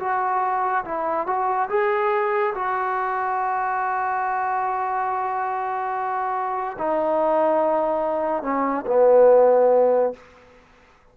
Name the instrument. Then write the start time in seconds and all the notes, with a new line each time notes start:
trombone
0.00 F#4
0.85 E4
1.27 F#4
1.70 G#4
2.55 F#4
6.78 D#4
8.43 C#4
8.87 B3